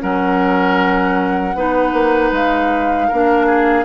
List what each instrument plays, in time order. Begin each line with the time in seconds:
0.00 bassoon F#3, clarinet C#4, oboe A#4, flute F#5
1.55 bassoon B3, clarinet D#4, oboe B4
1.92 bassoon A#3
2.32 bassoon G#3, flute F5
3.08 bassoon A#3, clarinet D4, oboe A#4
3.46 oboe G#4